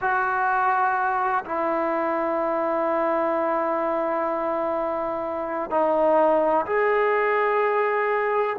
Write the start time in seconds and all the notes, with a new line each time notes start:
0.01 F#4
1.45 E4
5.70 D#4
6.66 G#4